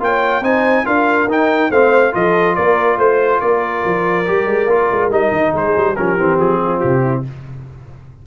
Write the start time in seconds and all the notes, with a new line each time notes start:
0.00 A#3 F4 C#5 G5
0.41 C4 D#4 C5 G#5
0.85 D4 F4 A#4 F5
1.27 D#4 G5
1.70 A3 C4 C5 F5
2.12 F3 F4 A4 D#5
2.55 A#3 A#4 D5
2.97 A3 C5
3.41 A#3 A#4 D5
3.86 F3
4.26 G3 G4
4.46 G#3
4.66 A#3 F4
4.91 G#3
5.09 G3 D#4 D#5
5.31 D#3
5.52 G#3 G#4 C5
5.76 G3
5.96 F3 C#4 G4 A#4
6.17 E3 C4
6.40 F3 G#4
6.63 F4
6.80 C3 G4
7.02 E4